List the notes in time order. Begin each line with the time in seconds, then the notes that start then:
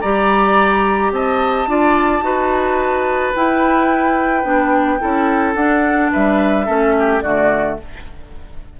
0.00 G3 G4 D5 A#5
1.11 C4 D#5 A5
1.67 D4 F4 D5
2.21 D#4 F#4 B4
3.35 E4 G5
4.43 B3 D4
4.99 C#4 E4 A4
5.54 D4 F#5
6.11 G3 B4 E5
6.66 A3 C#4 A4
6.99 G4
7.21 D3 A3 F#4 D5